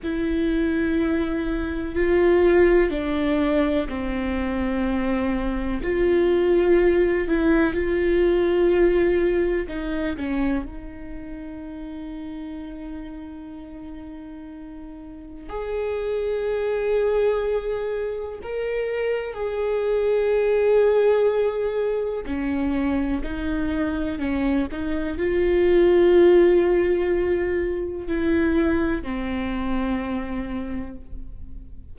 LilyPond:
\new Staff \with { instrumentName = "viola" } { \time 4/4 \tempo 4 = 62 e'2 f'4 d'4 | c'2 f'4. e'8 | f'2 dis'8 cis'8 dis'4~ | dis'1 |
gis'2. ais'4 | gis'2. cis'4 | dis'4 cis'8 dis'8 f'2~ | f'4 e'4 c'2 | }